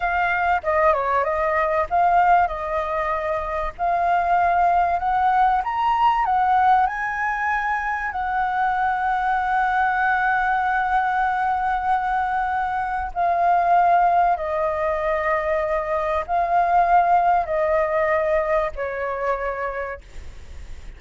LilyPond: \new Staff \with { instrumentName = "flute" } { \time 4/4 \tempo 4 = 96 f''4 dis''8 cis''8 dis''4 f''4 | dis''2 f''2 | fis''4 ais''4 fis''4 gis''4~ | gis''4 fis''2.~ |
fis''1~ | fis''4 f''2 dis''4~ | dis''2 f''2 | dis''2 cis''2 | }